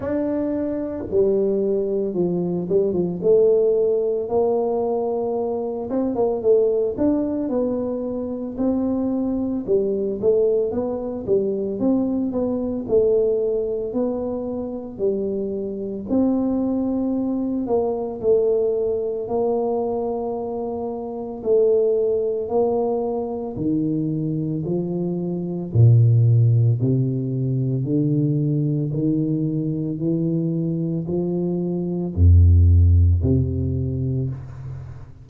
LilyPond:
\new Staff \with { instrumentName = "tuba" } { \time 4/4 \tempo 4 = 56 d'4 g4 f8 g16 f16 a4 | ais4. c'16 ais16 a8 d'8 b4 | c'4 g8 a8 b8 g8 c'8 b8 | a4 b4 g4 c'4~ |
c'8 ais8 a4 ais2 | a4 ais4 dis4 f4 | ais,4 c4 d4 dis4 | e4 f4 f,4 c4 | }